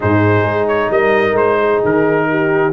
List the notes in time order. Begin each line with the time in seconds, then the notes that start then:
0.00 G#2 D#4 G#4 C5
0.42 G#3
0.67 C#5
0.90 G3 A#4 D#5
1.32 G#3 C5
1.60 G#4
1.84 D#3 A#4
2.29 G4